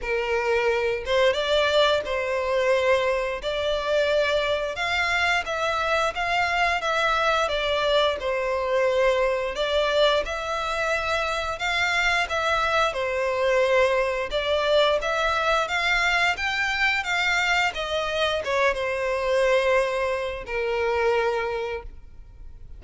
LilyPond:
\new Staff \with { instrumentName = "violin" } { \time 4/4 \tempo 4 = 88 ais'4. c''8 d''4 c''4~ | c''4 d''2 f''4 | e''4 f''4 e''4 d''4 | c''2 d''4 e''4~ |
e''4 f''4 e''4 c''4~ | c''4 d''4 e''4 f''4 | g''4 f''4 dis''4 cis''8 c''8~ | c''2 ais'2 | }